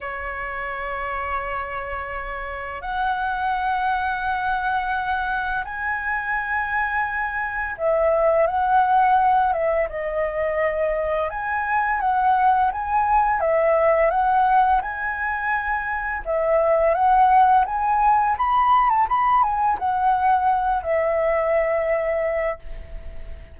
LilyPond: \new Staff \with { instrumentName = "flute" } { \time 4/4 \tempo 4 = 85 cis''1 | fis''1 | gis''2. e''4 | fis''4. e''8 dis''2 |
gis''4 fis''4 gis''4 e''4 | fis''4 gis''2 e''4 | fis''4 gis''4 b''8. a''16 b''8 gis''8 | fis''4. e''2~ e''8 | }